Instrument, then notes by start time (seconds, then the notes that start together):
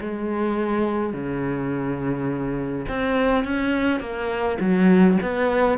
cello
0.00 G#3
1.12 C#3
2.88 C4
3.44 C#4
4.00 A#3
4.60 F#3
5.22 B3